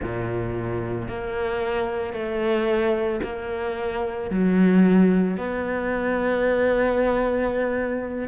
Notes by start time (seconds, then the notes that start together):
0.02 A#2
1.08 A#3
2.13 A3
3.23 A#3
4.30 F#3
5.37 B3